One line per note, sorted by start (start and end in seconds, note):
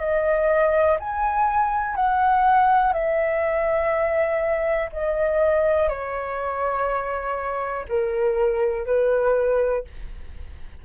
0.00 0.98 D#5
1.00 1.95 G#5
1.95 2.93 F#5
2.93 4.90 E5
4.92 5.89 D#5
5.89 7.86 C#5
7.89 8.86 A#4
8.86 9.85 B4